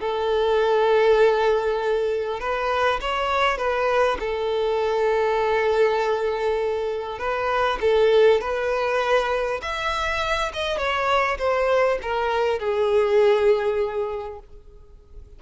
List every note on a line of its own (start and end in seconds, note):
0.00 2.40 A4
2.40 3.00 B4
3.01 3.57 C#5
3.57 4.17 B4
4.19 7.18 A4
7.18 7.78 B4
7.80 8.40 A4
8.40 9.60 B4
9.62 10.52 E5
10.53 10.77 D#5
10.77 11.37 C#5
11.38 11.98 C5
12.02 12.59 A#4
12.59 14.39 G#4